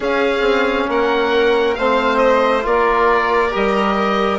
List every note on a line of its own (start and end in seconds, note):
0.00 0.40 C#4
0.00 1.77 C#4
0.00 0.88 G#4
0.00 0.90 F5
0.40 0.84 C4
0.88 1.76 A#3
0.88 1.77 A#4
0.88 1.74 F#5
1.74 2.65 A3
1.74 2.61 C4
1.74 2.65 C5
1.74 2.17 F5
2.17 2.61 D#5
2.61 3.53 A#3
2.61 3.50 F4
2.61 4.38 A#4
2.61 3.54 D5
3.51 4.38 G3
3.51 4.38 G4
3.51 4.38 D#5